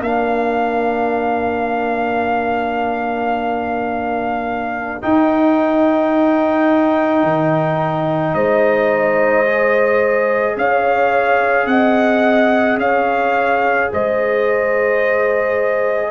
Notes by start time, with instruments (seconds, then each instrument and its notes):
0.00 tuba A#3, trombone D4, horn A#4, trumpet F5
5.02 trombone D#4, tuba D#4, trumpet G5
7.23 tuba D#3
8.34 tuba G#3, horn C5, trumpet D#5
9.46 trombone G#4
10.57 tuba C#4, horn C#5, trumpet F5
11.66 tuba C4, horn D#5, trumpet F#5
12.77 tuba C#4, horn C#5, trumpet F5
13.93 tuba G#3, horn C5, trumpet D#5